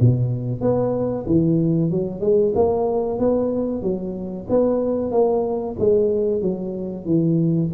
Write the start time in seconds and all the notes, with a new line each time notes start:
0.00 B2
0.61 B3
1.26 E3
1.91 F#3
2.21 G#3
2.55 A#3
3.19 B3
3.82 F#3
4.49 B3
5.11 A#3
5.79 G#3
6.41 F#3
7.05 E3